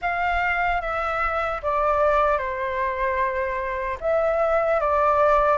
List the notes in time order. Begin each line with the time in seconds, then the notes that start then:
0.01 F5
0.81 E5
1.62 D5
2.38 C5
4.00 E5
4.80 D5